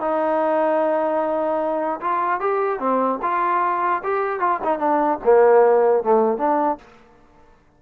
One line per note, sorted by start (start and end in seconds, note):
0.00 2.00 D#4
2.00 2.40 F4
2.40 2.79 G4
2.79 3.19 C4
3.22 4.02 F4
4.03 4.40 G4
4.40 4.60 F4
4.63 4.78 D#4
4.78 5.18 D4
5.24 6.03 A#3
6.03 6.37 A3
6.37 6.77 D4